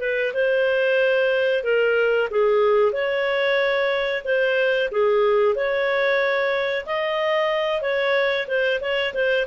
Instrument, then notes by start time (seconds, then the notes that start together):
clarinet
0.00 B4
0.34 C5
1.64 A#4
2.30 G#4
2.92 C#5
4.24 C5
4.91 G#4
5.55 C#5
6.86 D#5
7.82 C#5
8.48 C5
8.81 C#5
9.14 C5